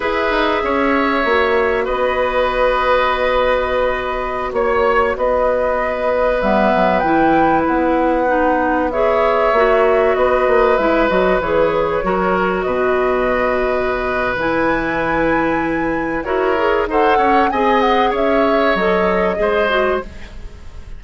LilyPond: <<
  \new Staff \with { instrumentName = "flute" } { \time 4/4 \tempo 4 = 96 e''2. dis''4~ | dis''2.~ dis''16 cis''8.~ | cis''16 dis''2 e''4 g''8.~ | g''16 fis''2 e''4.~ e''16~ |
e''16 dis''4 e''8 dis''8 cis''4.~ cis''16~ | cis''16 dis''2~ dis''8. gis''4~ | gis''2 cis''4 fis''4 | gis''8 fis''8 e''4 dis''2 | }
  \new Staff \with { instrumentName = "oboe" } { \time 4/4 b'4 cis''2 b'4~ | b'2.~ b'16 cis''8.~ | cis''16 b'2.~ b'8.~ | b'2~ b'16 cis''4.~ cis''16~ |
cis''16 b'2. ais'8.~ | ais'16 b'2.~ b'8.~ | b'2 ais'4 c''8 cis''8 | dis''4 cis''2 c''4 | }
  \new Staff \with { instrumentName = "clarinet" } { \time 4/4 gis'2 fis'2~ | fis'1~ | fis'2~ fis'16 b4 e'8.~ | e'4~ e'16 dis'4 gis'4 fis'8.~ |
fis'4~ fis'16 e'8 fis'8 gis'4 fis'8.~ | fis'2. e'4~ | e'2 fis'8 gis'8 a'4 | gis'2 a'4 gis'8 fis'8 | }
  \new Staff \with { instrumentName = "bassoon" } { \time 4/4 e'8 dis'8 cis'4 ais4 b4~ | b2.~ b16 ais8.~ | ais16 b2 g8 fis8 e8.~ | e16 b2. ais8.~ |
ais16 b8 ais8 gis8 fis8 e4 fis8.~ | fis16 b,2~ b,8. e4~ | e2 e'4 dis'8 cis'8 | c'4 cis'4 fis4 gis4 | }
>>